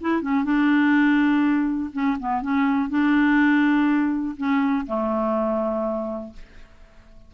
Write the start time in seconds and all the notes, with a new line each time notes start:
0.00 E4
0.22 C#4
0.44 D4
1.92 C#4
2.19 B3
2.41 C#4
2.89 D4
4.36 C#4
4.86 A3